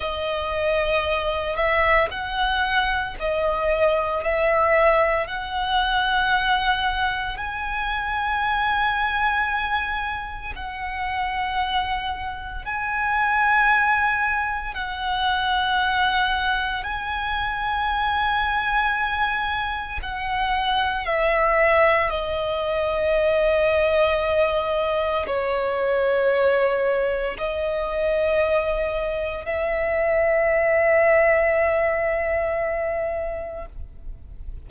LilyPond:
\new Staff \with { instrumentName = "violin" } { \time 4/4 \tempo 4 = 57 dis''4. e''8 fis''4 dis''4 | e''4 fis''2 gis''4~ | gis''2 fis''2 | gis''2 fis''2 |
gis''2. fis''4 | e''4 dis''2. | cis''2 dis''2 | e''1 | }